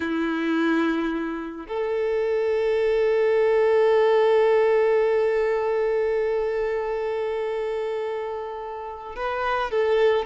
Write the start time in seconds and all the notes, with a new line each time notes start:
0.00 E4
1.67 A4
9.15 B4
9.70 A4